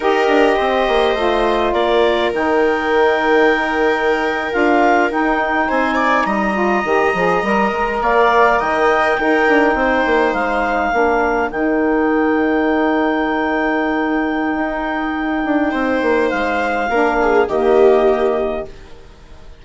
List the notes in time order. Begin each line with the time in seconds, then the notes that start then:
0.00 D#4 G4 A#4 D#5
0.27 D4
0.56 C4 C5
0.87 A#3
1.14 A3 F4
1.72 A#3 A#4 D5
2.32 D#3 D#4 G5
4.51 D4 F4 F5
5.10 D#4 G5
5.67 C4 C5 G#5
5.95 D5
6.25 G3 D#5 A#5
6.53 F4
6.84 D#3 G4
7.14 F3 G#4
7.43 G3 A#4
7.72 G#3
8.00 A#3 D5 F5
8.59 D#3 D#5 G5
9.19 D#4 A#4
9.48 D4
9.74 C4 C5
10.05 A#3
10.33 G#3 F5
10.92 A#3 D4 A#4
11.50 D#3 D#4 G5
14.55 D#4
15.44 D4
15.71 C4 C5
16.01 A#3
16.29 G#3 F5
16.89 A#3 D4 A#4
17.21 G#4
17.48 D#3 A#3 G4 D#5